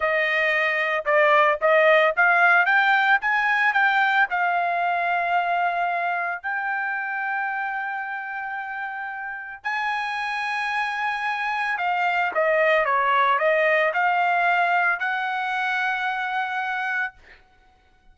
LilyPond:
\new Staff \with { instrumentName = "trumpet" } { \time 4/4 \tempo 4 = 112 dis''2 d''4 dis''4 | f''4 g''4 gis''4 g''4 | f''1 | g''1~ |
g''2 gis''2~ | gis''2 f''4 dis''4 | cis''4 dis''4 f''2 | fis''1 | }